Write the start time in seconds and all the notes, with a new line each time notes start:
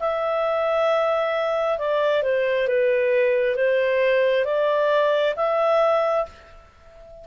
0.00 E5
1.79 D5
2.23 C5
2.68 B4
3.56 C5
4.45 D5
5.36 E5